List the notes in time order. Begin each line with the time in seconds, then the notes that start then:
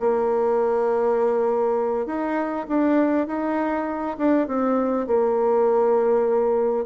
0.00 A#3
2.07 D#4
2.68 D4
3.27 D#4
4.18 D4
4.48 C4
5.08 A#3